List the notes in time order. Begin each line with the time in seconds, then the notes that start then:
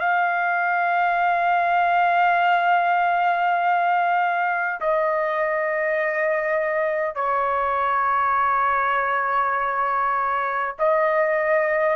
0.00 F5
4.81 D#5
7.15 C#5
10.79 D#5